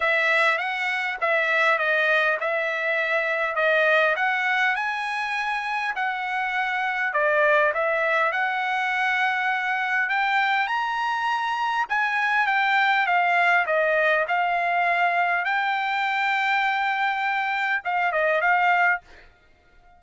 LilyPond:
\new Staff \with { instrumentName = "trumpet" } { \time 4/4 \tempo 4 = 101 e''4 fis''4 e''4 dis''4 | e''2 dis''4 fis''4 | gis''2 fis''2 | d''4 e''4 fis''2~ |
fis''4 g''4 ais''2 | gis''4 g''4 f''4 dis''4 | f''2 g''2~ | g''2 f''8 dis''8 f''4 | }